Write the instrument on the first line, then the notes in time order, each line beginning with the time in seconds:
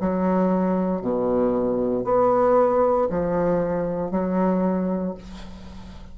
bassoon
0.00 F#3
1.02 B2
2.05 B3
3.10 F3
4.11 F#3